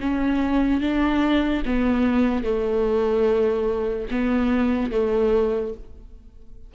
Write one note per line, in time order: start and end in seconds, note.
0.00 0.81 C#4
0.81 1.63 D4
1.66 2.44 B3
2.44 4.08 A3
4.11 4.91 B3
4.91 5.73 A3